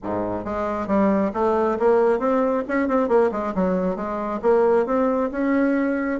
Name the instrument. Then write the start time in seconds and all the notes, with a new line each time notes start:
bassoon
0.03 G#2
0.44 G#3
0.87 G3
1.33 A3
1.79 A#3
2.19 C4
2.68 C#4
2.88 C4
3.08 A#3
3.31 G#3
3.55 F#3
3.96 G#3
4.42 A#3
4.85 C4
5.31 C#4